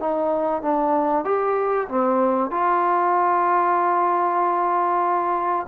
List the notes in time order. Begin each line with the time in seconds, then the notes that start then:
0.00 D#4
0.62 D4
1.25 G4
1.89 C4
2.51 F4